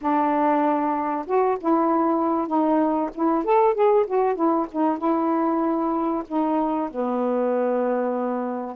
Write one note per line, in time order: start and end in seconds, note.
0.01 1.26 D4
1.26 1.58 F#4
1.60 2.47 E4
2.47 3.09 D#4
3.14 3.44 E4
3.44 3.74 A4
3.74 4.05 G#4
4.06 4.35 F#4
4.35 4.66 E4
4.71 4.98 D#4
4.98 6.23 E4
6.27 6.89 D#4
6.90 8.75 B3